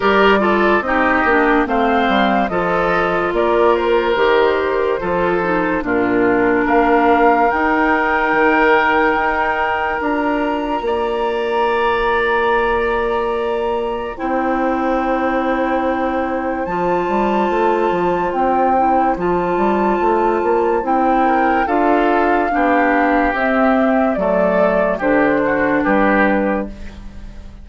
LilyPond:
<<
  \new Staff \with { instrumentName = "flute" } { \time 4/4 \tempo 4 = 72 d''4 dis''4 f''4 dis''4 | d''8 c''2~ c''8 ais'4 | f''4 g''2. | ais''1~ |
ais''4 g''2. | a''2 g''4 a''4~ | a''4 g''4 f''2 | e''4 d''4 c''4 b'4 | }
  \new Staff \with { instrumentName = "oboe" } { \time 4/4 ais'8 a'8 g'4 c''4 a'4 | ais'2 a'4 f'4 | ais'1~ | ais'4 d''2.~ |
d''4 c''2.~ | c''1~ | c''4. ais'8 a'4 g'4~ | g'4 a'4 g'8 fis'8 g'4 | }
  \new Staff \with { instrumentName = "clarinet" } { \time 4/4 g'8 f'8 dis'8 d'8 c'4 f'4~ | f'4 g'4 f'8 dis'8 d'4~ | d'4 dis'2. | f'1~ |
f'4 e'2. | f'2~ f'8 e'8 f'4~ | f'4 e'4 f'4 d'4 | c'4 a4 d'2 | }
  \new Staff \with { instrumentName = "bassoon" } { \time 4/4 g4 c'8 ais8 a8 g8 f4 | ais4 dis4 f4 ais,4 | ais4 dis'4 dis4 dis'4 | d'4 ais2.~ |
ais4 c'2. | f8 g8 a8 f8 c'4 f8 g8 | a8 ais8 c'4 d'4 b4 | c'4 fis4 d4 g4 | }
>>